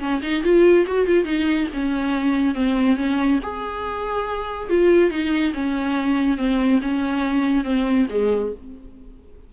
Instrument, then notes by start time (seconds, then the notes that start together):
viola
0.00 C#4
0.23 D#4
0.44 F4
0.87 F#4
1.07 F4
1.25 D#4
1.74 C#4
2.55 C4
2.97 C#4
3.43 G#4
4.70 F4
5.11 D#4
5.54 C#4
6.38 C4
6.82 C#4
7.64 C4
8.10 G#3